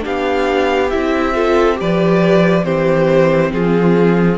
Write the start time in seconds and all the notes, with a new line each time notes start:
0.00 B3 D4 G4 F5
0.89 C4 E4 E5
1.34 F4 A4
1.74 G4 B4 D5
1.81 F3
2.63 E3 C4 G4 C5
3.52 F3 F4 G#4